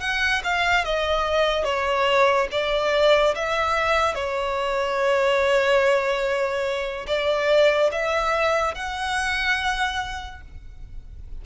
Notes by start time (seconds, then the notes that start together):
0.00 F#5
0.44 F5
0.84 D#5
1.64 C#5
2.51 D5
3.35 E5
4.14 C#5
7.06 D5
7.91 E5
8.74 F#5